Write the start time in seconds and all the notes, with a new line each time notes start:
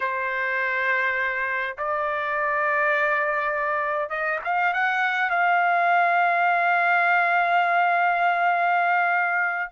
0.00 C5
1.77 D5
4.09 D#5
4.44 F5
4.73 F#5
5.30 F5